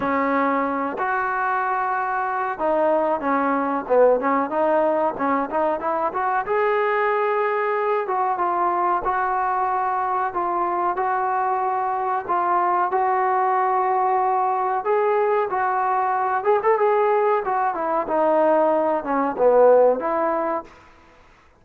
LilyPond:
\new Staff \with { instrumentName = "trombone" } { \time 4/4 \tempo 4 = 93 cis'4. fis'2~ fis'8 | dis'4 cis'4 b8 cis'8 dis'4 | cis'8 dis'8 e'8 fis'8 gis'2~ | gis'8 fis'8 f'4 fis'2 |
f'4 fis'2 f'4 | fis'2. gis'4 | fis'4. gis'16 a'16 gis'4 fis'8 e'8 | dis'4. cis'8 b4 e'4 | }